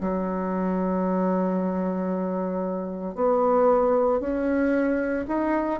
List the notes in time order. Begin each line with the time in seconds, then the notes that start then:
0.00 F#3
3.15 B3
4.20 C#4
5.28 D#4